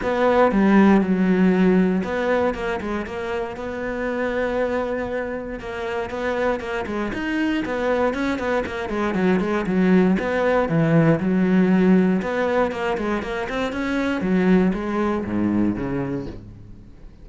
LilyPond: \new Staff \with { instrumentName = "cello" } { \time 4/4 \tempo 4 = 118 b4 g4 fis2 | b4 ais8 gis8 ais4 b4~ | b2. ais4 | b4 ais8 gis8 dis'4 b4 |
cis'8 b8 ais8 gis8 fis8 gis8 fis4 | b4 e4 fis2 | b4 ais8 gis8 ais8 c'8 cis'4 | fis4 gis4 gis,4 cis4 | }